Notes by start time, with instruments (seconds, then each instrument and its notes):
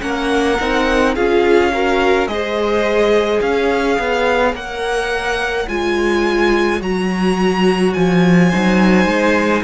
0.00 cello A#3, viola C#4, violin A#4 F#5
0.60 cello C4, viola D#4
1.15 cello C#4, viola F4, violin G#4 F5
1.73 viola F#4, violin A#4
2.27 cello G#3, viola G#4, violin C5 D#5
3.41 cello C#4, violin C#5 F5
3.99 cello B3
4.54 cello A#3, viola A#4, violin F#5
5.68 cello G#3, viola F4, violin G#5
6.80 cello F#3, viola F#4, violin A#5
7.93 cello F3, violin G#5
8.50 cello F#3, viola D#4, violin C5
9.06 cello G#3